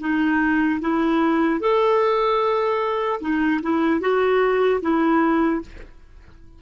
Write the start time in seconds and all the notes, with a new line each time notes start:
0.00 D#4
0.81 E4
1.60 A4
3.21 D#4
3.62 E4
4.00 F#4
4.81 E4